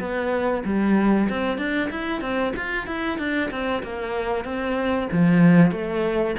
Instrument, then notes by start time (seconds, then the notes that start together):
cello
0.00 B3
0.65 G3
1.30 C4
1.58 D4
1.90 E4
2.21 C4
2.56 F4
2.87 E4
3.19 D4
3.51 C4
3.83 A#3
4.45 C4
5.12 F3
5.72 A3